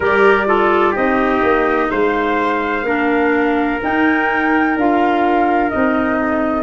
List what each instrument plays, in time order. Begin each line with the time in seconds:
0.00 tuba G3, clarinet G4, trumpet A#4, flute D5
0.47 clarinet F4, trumpet A4
0.91 tuba C4, clarinet D#4, trumpet G4, flute D#5
1.42 tuba A#3
1.90 tuba G#3, trumpet C5, flute F5
2.82 tuba A#3, clarinet D4, trumpet A#4
3.81 clarinet D#4, tuba D#4, flute G5
4.76 tuba D4, clarinet F4, flute F5
5.69 tuba C4, clarinet D#4, flute D#5
6.20 trumpet A4